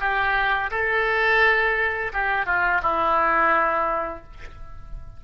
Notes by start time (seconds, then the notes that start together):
0.00 G4
0.71 A4
2.13 G4
2.46 F4
2.82 E4